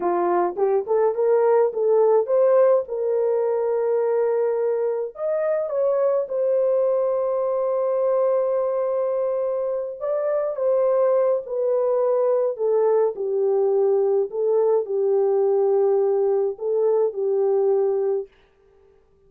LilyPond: \new Staff \with { instrumentName = "horn" } { \time 4/4 \tempo 4 = 105 f'4 g'8 a'8 ais'4 a'4 | c''4 ais'2.~ | ais'4 dis''4 cis''4 c''4~ | c''1~ |
c''4. d''4 c''4. | b'2 a'4 g'4~ | g'4 a'4 g'2~ | g'4 a'4 g'2 | }